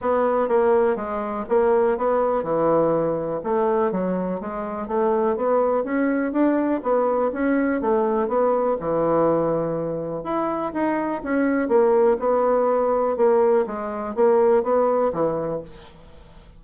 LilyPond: \new Staff \with { instrumentName = "bassoon" } { \time 4/4 \tempo 4 = 123 b4 ais4 gis4 ais4 | b4 e2 a4 | fis4 gis4 a4 b4 | cis'4 d'4 b4 cis'4 |
a4 b4 e2~ | e4 e'4 dis'4 cis'4 | ais4 b2 ais4 | gis4 ais4 b4 e4 | }